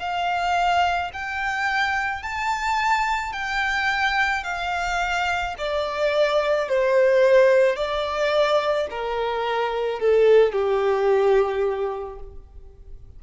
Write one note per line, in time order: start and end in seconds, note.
0.00 1.11 F5
1.14 2.23 G5
2.23 3.33 A5
3.33 4.44 G5
4.44 5.55 F5
5.58 6.69 D5
6.69 7.76 C5
7.76 8.87 D5
8.90 10.00 A#4
10.00 10.53 A4
10.53 12.19 G4